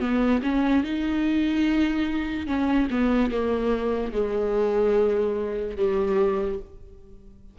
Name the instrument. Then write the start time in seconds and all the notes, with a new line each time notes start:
viola
0.00 B3
0.43 C#4
0.83 D#4
2.47 C#4
2.90 B3
3.31 A#3
4.12 G#3
5.76 G3